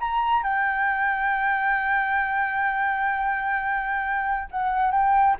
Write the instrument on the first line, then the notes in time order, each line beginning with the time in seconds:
flute
0.00 A#5
0.43 G5
4.51 F#5
4.91 G5